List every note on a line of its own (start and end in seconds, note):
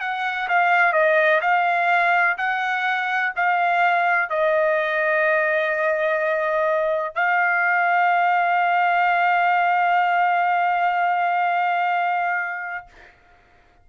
0.00 0.48 F#5
0.48 0.93 F5
0.93 1.40 D#5
1.41 2.36 F5
2.37 3.32 F#5
3.35 4.29 F5
4.29 7.14 D#5
7.14 12.86 F5